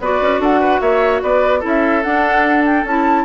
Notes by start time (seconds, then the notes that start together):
0.00 B3 F#4 B4 D5
0.21 C#4
0.39 D4 A4 F#5
0.60 B4
0.81 A#3 C#5 E5
1.22 B3 B4 D5
1.59 C#4 E4 A4
1.67 E5
2.03 D4 F#5
2.66 G5
2.84 C#4 E4 A5